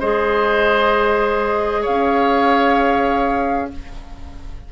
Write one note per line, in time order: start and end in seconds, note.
0.00 1.87 G#3
0.00 3.71 G#4
0.00 1.82 C5
0.00 1.85 D#5
1.82 3.73 C#4
1.82 3.67 C#5
1.82 3.70 F5